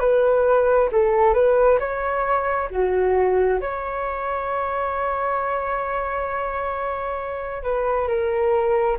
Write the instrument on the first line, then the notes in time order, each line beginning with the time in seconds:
flute
0.00 B4
0.92 A4
1.34 B4
1.80 C#5
2.71 F#4
3.61 C#5
7.63 B4
8.08 A#4